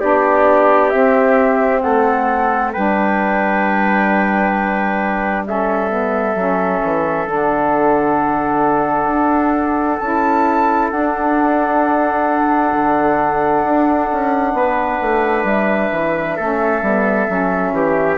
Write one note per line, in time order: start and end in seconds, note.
0.00 0.92 B3
0.00 0.91 D4
0.00 1.82 G4
0.00 0.89 D5
0.89 2.74 C4
0.89 1.83 C4
0.89 1.80 E5
1.80 2.75 A3
1.80 2.73 A4
1.80 2.71 F#5
2.72 6.35 G3
2.72 5.46 D4
2.72 5.46 B4
2.72 5.45 G5
5.46 5.89 C#4
5.46 14.56 A4
5.46 7.28 E5
5.89 6.34 B3
6.35 6.80 F#3
6.35 7.26 C#4
6.83 7.26 E3
7.26 9.07 D3
7.26 9.98 D4
7.26 9.99 F#5
9.07 9.98 D4
9.99 10.91 C#4
9.99 10.92 E4
9.99 10.90 A5
10.90 12.72 D4
10.90 16.39 D4
10.90 15.45 F#5
12.72 13.63 D3
13.64 14.09 D4
14.12 14.53 C#4
14.53 14.98 B3
14.53 16.36 B4
15.02 15.44 A3
15.44 15.89 G3
15.44 18.17 E5
15.92 16.37 E3
16.36 16.82 A3
16.36 16.83 C#4
16.36 17.73 A4
16.82 17.27 G3
16.82 17.28 B3
17.28 17.72 F#3
17.28 18.17 C#4
17.72 18.17 E3
17.72 18.17 G4